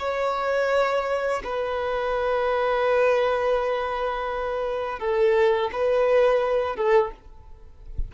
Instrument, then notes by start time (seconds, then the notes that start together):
violin
0.00 C#5
1.44 B4
5.00 A4
5.73 B4
6.76 A4